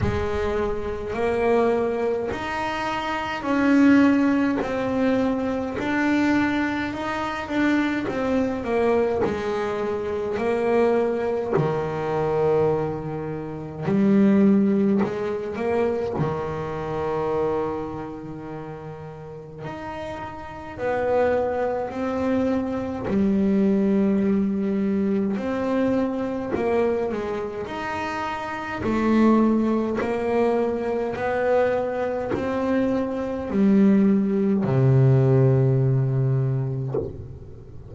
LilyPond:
\new Staff \with { instrumentName = "double bass" } { \time 4/4 \tempo 4 = 52 gis4 ais4 dis'4 cis'4 | c'4 d'4 dis'8 d'8 c'8 ais8 | gis4 ais4 dis2 | g4 gis8 ais8 dis2~ |
dis4 dis'4 b4 c'4 | g2 c'4 ais8 gis8 | dis'4 a4 ais4 b4 | c'4 g4 c2 | }